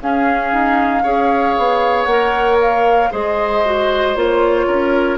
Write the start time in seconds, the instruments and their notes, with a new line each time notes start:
0.00 bassoon C#4, clarinet C#4, oboe G#4, flute F5
0.52 bassoon D#4
1.03 bassoon C#4, clarinet G#4, oboe C#5
1.57 bassoon B3
2.04 bassoon A#3, clarinet A#4, flute F#5
2.60 flute F5
3.11 bassoon G#3, clarinet G#4, oboe C5, flute D#5
3.65 clarinet F#4
4.15 bassoon A#3, clarinet F4, flute C#5
4.67 bassoon C#4, oboe A#4